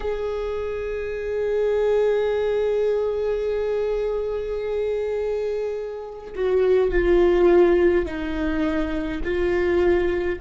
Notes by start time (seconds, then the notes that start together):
0.00 G#4
6.35 F#4
6.91 F4
8.05 D#4
9.24 F4